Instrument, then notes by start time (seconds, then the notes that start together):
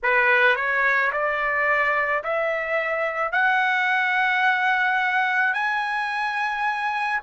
trumpet
0.03 B4
0.56 C#5
1.12 D5
2.23 E5
3.32 F#5
5.53 G#5